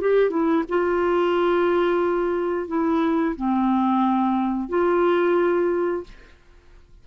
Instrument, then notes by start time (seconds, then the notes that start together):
clarinet
0.00 G4
0.30 E4
0.69 F4
2.68 E4
3.36 C4
4.69 F4